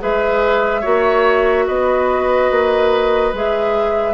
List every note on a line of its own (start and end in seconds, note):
0.00 0.85 G#3
0.00 0.83 G#4
0.00 0.81 B4
0.00 1.67 E5
0.81 1.68 A#3
0.81 3.33 F#4
0.81 1.65 C#5
1.67 2.51 B3
1.67 4.14 B4
1.67 3.33 D#5
2.51 3.33 A#3
3.33 4.14 G#3
3.33 4.14 G#4
3.33 4.14 E5